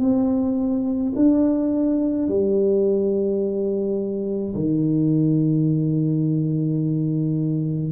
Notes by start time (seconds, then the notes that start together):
0.00 C4
1.16 D4
2.28 G3
4.55 D#3